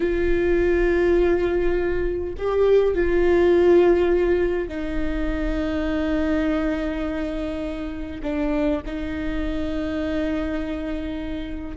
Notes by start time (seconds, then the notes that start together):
0.00 F4
2.37 G4
2.94 F4
4.68 D#4
8.22 D4
8.86 D#4